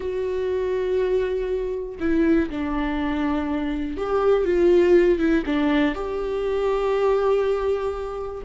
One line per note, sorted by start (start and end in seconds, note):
0.00 1.98 F#4
2.00 2.49 E4
2.50 3.97 D4
3.97 4.44 G4
4.44 5.18 F4
5.18 5.43 E4
5.45 5.94 D4
5.94 8.42 G4